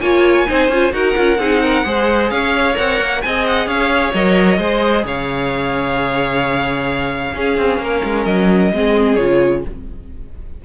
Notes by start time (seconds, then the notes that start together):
0.00 A#3 F4 C#5 G#5
0.47 C4 D#4 C5
0.69 C#4 F4
0.92 D#4 F#4 A#4 F#5
1.15 C#4 F4
1.38 C4 D#4 G#4
1.62 A#4
1.84 G#3 G#4 C5
2.30 C#4 C#5 F5
2.74 C4 A#4 F#5
3.00 A#3
3.22 C4 G#4 D#5 G#5
3.47 F#5
3.66 C#4 C#5 F5
4.13 F#3 A#4 D#5
4.58 G#3 G#4 C5
5.04 C#3 C#5 F5
7.34 C#4 G#4
7.57 C4
7.78 A#3 A#4
8.03 G#3
8.25 F#3 D#5
8.72 G#3 C4 G#4
9.15 C#3 F4 C#5